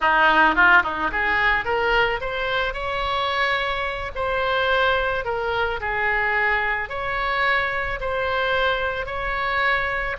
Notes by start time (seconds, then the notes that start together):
0.01 D#4
0.55 F4
0.83 D#4
1.11 G#4
1.64 A#4
2.20 C5
2.73 C#5
4.15 C5
5.24 A#4
5.80 G#4
6.89 C#5
8.00 C5
9.06 C#5